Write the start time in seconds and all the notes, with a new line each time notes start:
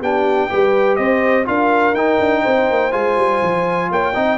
0.00 B3 D4 G4 G5
0.49 G3 G4 B4
0.95 C4 C5 D#5
1.44 D4 F4 A#4 F5
1.93 D#4 G5
2.19 D4
2.41 C4 C5
2.70 A#3
2.91 G#3 F4 G#5
3.16 G3
3.42 F3
3.90 A#3 C#5 G5
4.13 C4 D#4 D#5